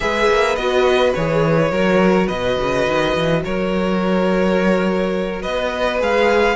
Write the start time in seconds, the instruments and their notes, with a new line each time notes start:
0.00 cello G#3, viola G#4, violin B4 E5
0.28 cello A#3
0.55 cello B3, viola F#4, violin D#5
1.14 cello E3, viola G#4, violin C#5
1.71 cello F#3, viola F#4, violin A#4
2.27 cello B2, violin B4 D#5
2.58 cello C#3
2.87 cello D#3
3.15 cello E3
3.44 cello F#3, violin A#4 C#5
5.42 cello B3, violin B4 D#5
5.99 cello G#3, viola G#4, violin F5